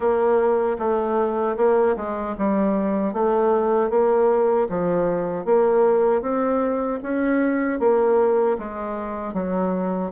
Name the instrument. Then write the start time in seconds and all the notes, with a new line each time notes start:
bassoon
0.00 A#3
0.78 A3
1.57 A#3
1.96 G#3
2.38 G3
3.13 A3
3.90 A#3
4.69 F3
5.45 A#3
6.21 C4
7.02 C#4
7.79 A#3
8.58 G#3
9.33 F#3